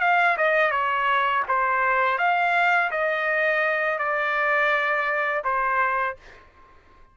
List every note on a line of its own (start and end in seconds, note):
0.00 0.36 F5
0.37 0.71 D#5
0.71 1.43 C#5
1.48 2.18 C5
2.18 2.90 F5
2.91 3.98 D#5
3.98 5.43 D5
5.44 6.16 C5